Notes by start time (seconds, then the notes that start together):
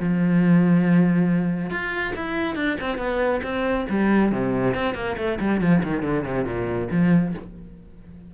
0.00 F3
1.71 F4
2.16 E4
2.56 D4
2.81 C4
2.98 B3
3.44 C4
3.90 G3
4.32 C3
4.75 C4
4.95 A#3
5.18 A3
5.41 G3
5.62 F3
5.84 D#3
6.03 D3
6.25 C3
6.45 A#2
6.92 F3